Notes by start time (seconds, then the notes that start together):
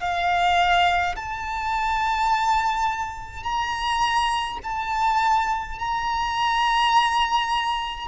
0.00 F5
1.16 A5
3.44 A#5
4.64 A5
5.79 A#5